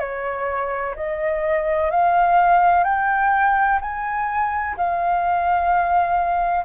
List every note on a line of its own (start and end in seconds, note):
0.00 0.95 C#5
0.96 1.91 D#5
1.91 2.84 F5
2.84 3.80 G5
3.81 4.77 G#5
4.77 6.65 F5